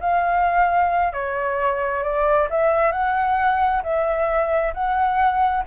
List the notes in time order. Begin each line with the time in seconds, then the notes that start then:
0.00 F5
1.13 C#5
2.03 D5
2.50 E5
2.92 F#5
3.83 E5
4.74 F#5